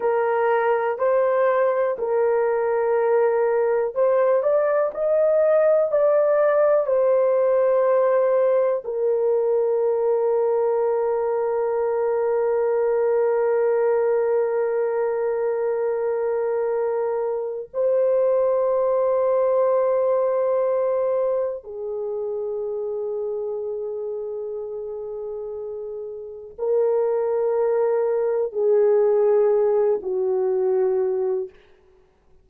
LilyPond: \new Staff \with { instrumentName = "horn" } { \time 4/4 \tempo 4 = 61 ais'4 c''4 ais'2 | c''8 d''8 dis''4 d''4 c''4~ | c''4 ais'2.~ | ais'1~ |
ais'2 c''2~ | c''2 gis'2~ | gis'2. ais'4~ | ais'4 gis'4. fis'4. | }